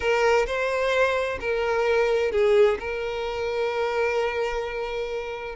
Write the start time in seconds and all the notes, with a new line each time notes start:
0.00 A#4
0.46 C5
1.40 A#4
2.31 G#4
2.79 A#4